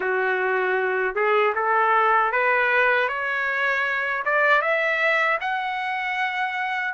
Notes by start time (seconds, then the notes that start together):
0.00 F#4
1.15 G#4
1.55 A4
2.31 B4
3.08 C#5
4.25 D5
4.61 E5
5.41 F#5